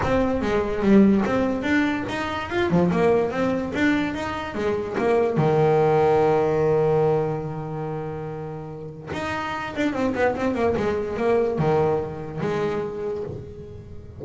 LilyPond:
\new Staff \with { instrumentName = "double bass" } { \time 4/4 \tempo 4 = 145 c'4 gis4 g4 c'4 | d'4 dis'4 f'8 f8 ais4 | c'4 d'4 dis'4 gis4 | ais4 dis2.~ |
dis1~ | dis2 dis'4. d'8 | c'8 b8 c'8 ais8 gis4 ais4 | dis2 gis2 | }